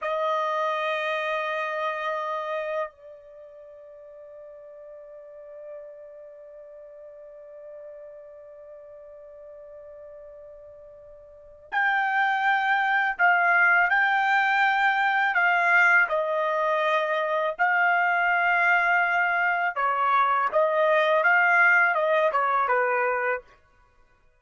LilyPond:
\new Staff \with { instrumentName = "trumpet" } { \time 4/4 \tempo 4 = 82 dis''1 | d''1~ | d''1~ | d''1 |
g''2 f''4 g''4~ | g''4 f''4 dis''2 | f''2. cis''4 | dis''4 f''4 dis''8 cis''8 b'4 | }